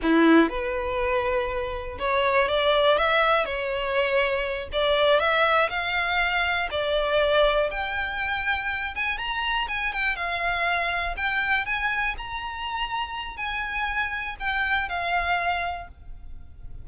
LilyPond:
\new Staff \with { instrumentName = "violin" } { \time 4/4 \tempo 4 = 121 e'4 b'2. | cis''4 d''4 e''4 cis''4~ | cis''4. d''4 e''4 f''8~ | f''4. d''2 g''8~ |
g''2 gis''8 ais''4 gis''8 | g''8 f''2 g''4 gis''8~ | gis''8 ais''2~ ais''8 gis''4~ | gis''4 g''4 f''2 | }